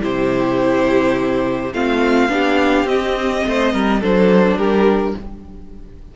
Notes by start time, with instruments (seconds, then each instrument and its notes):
0.00 cello C3, viola E4, violin G4 C5
1.73 cello A3, viola C4, violin F4 F5
2.28 cello B3, viola D4, violin G4
2.84 cello C4, viola C4, violin D#5
3.46 cello A3, violin C5
3.73 cello G3, violin A#4
4.00 cello F#3, viola D4, violin A4 C5
4.56 cello G3, violin G4 A#4